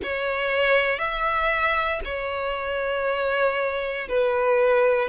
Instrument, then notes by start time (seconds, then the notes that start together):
violin
0.02 C#5
0.98 E5
2.04 C#5
4.08 B4